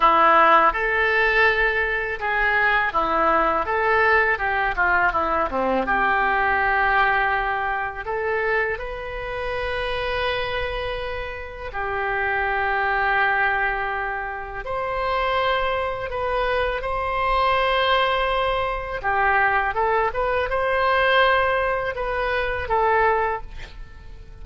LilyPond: \new Staff \with { instrumentName = "oboe" } { \time 4/4 \tempo 4 = 82 e'4 a'2 gis'4 | e'4 a'4 g'8 f'8 e'8 c'8 | g'2. a'4 | b'1 |
g'1 | c''2 b'4 c''4~ | c''2 g'4 a'8 b'8 | c''2 b'4 a'4 | }